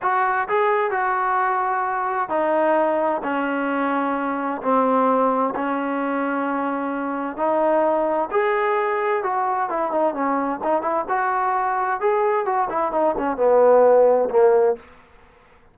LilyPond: \new Staff \with { instrumentName = "trombone" } { \time 4/4 \tempo 4 = 130 fis'4 gis'4 fis'2~ | fis'4 dis'2 cis'4~ | cis'2 c'2 | cis'1 |
dis'2 gis'2 | fis'4 e'8 dis'8 cis'4 dis'8 e'8 | fis'2 gis'4 fis'8 e'8 | dis'8 cis'8 b2 ais4 | }